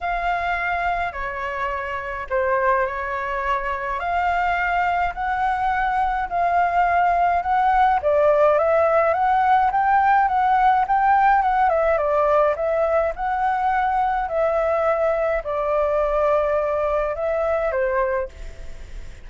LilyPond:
\new Staff \with { instrumentName = "flute" } { \time 4/4 \tempo 4 = 105 f''2 cis''2 | c''4 cis''2 f''4~ | f''4 fis''2 f''4~ | f''4 fis''4 d''4 e''4 |
fis''4 g''4 fis''4 g''4 | fis''8 e''8 d''4 e''4 fis''4~ | fis''4 e''2 d''4~ | d''2 e''4 c''4 | }